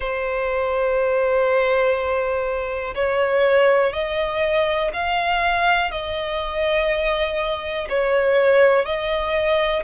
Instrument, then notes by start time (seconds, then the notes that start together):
violin
0.00 C5
2.95 C#5
3.93 D#5
4.93 F5
5.91 D#5
7.89 C#5
8.85 D#5